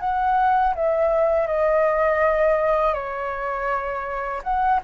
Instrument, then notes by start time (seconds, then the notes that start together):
flute
0.00 F#5
0.75 E5
1.47 D#5
2.94 C#5
4.43 F#5